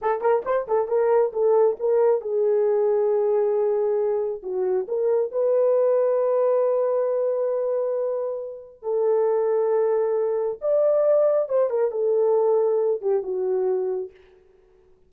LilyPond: \new Staff \with { instrumentName = "horn" } { \time 4/4 \tempo 4 = 136 a'8 ais'8 c''8 a'8 ais'4 a'4 | ais'4 gis'2.~ | gis'2 fis'4 ais'4 | b'1~ |
b'1 | a'1 | d''2 c''8 ais'8 a'4~ | a'4. g'8 fis'2 | }